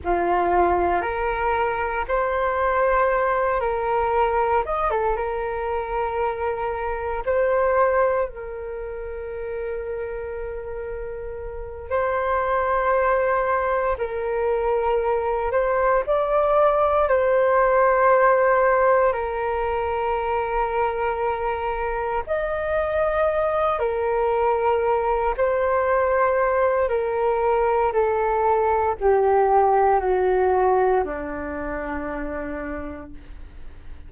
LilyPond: \new Staff \with { instrumentName = "flute" } { \time 4/4 \tempo 4 = 58 f'4 ais'4 c''4. ais'8~ | ais'8 dis''16 a'16 ais'2 c''4 | ais'2.~ ais'8 c''8~ | c''4. ais'4. c''8 d''8~ |
d''8 c''2 ais'4.~ | ais'4. dis''4. ais'4~ | ais'8 c''4. ais'4 a'4 | g'4 fis'4 d'2 | }